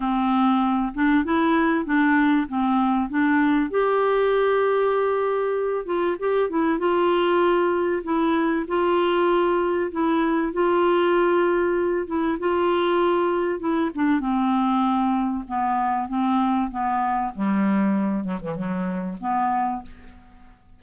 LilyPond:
\new Staff \with { instrumentName = "clarinet" } { \time 4/4 \tempo 4 = 97 c'4. d'8 e'4 d'4 | c'4 d'4 g'2~ | g'4. f'8 g'8 e'8 f'4~ | f'4 e'4 f'2 |
e'4 f'2~ f'8 e'8 | f'2 e'8 d'8 c'4~ | c'4 b4 c'4 b4 | g4. fis16 e16 fis4 b4 | }